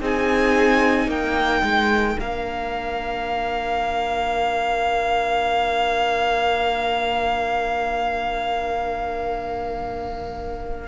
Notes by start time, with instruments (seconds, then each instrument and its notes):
0.00 cello C4, viola D#4, violin G#4 G#5
1.07 cello A#3, violin A#4 G5
1.63 cello G#3
2.18 cello A#3, viola D4, violin F5